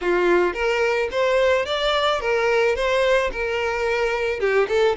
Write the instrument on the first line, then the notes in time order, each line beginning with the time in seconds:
violin
0.01 F4
0.53 A#4
1.11 C5
1.65 D5
2.20 A#4
2.75 C5
3.32 A#4
4.39 G4
4.68 A4